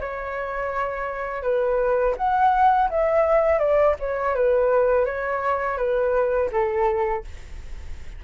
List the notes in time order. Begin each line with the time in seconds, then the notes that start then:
0.00 C#5
1.43 B4
2.17 F#5
2.90 E5
3.59 D5
3.99 C#5
4.35 B4
5.05 C#5
5.77 B4
6.52 A4